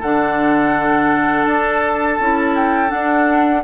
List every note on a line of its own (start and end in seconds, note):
0.00 1.46 D3
0.00 2.20 D4
0.00 3.61 A4
0.00 1.45 F#5
1.45 2.18 D4
1.45 2.53 A5
2.20 2.92 C#4
2.20 2.88 E4
2.56 2.91 G5
2.88 3.61 D4
2.88 3.64 D4
2.88 3.63 F#5